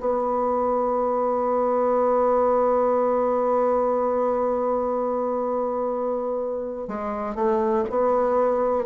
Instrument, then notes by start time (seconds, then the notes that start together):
bassoon
0.00 B3
6.88 G#3
7.35 A3
7.90 B3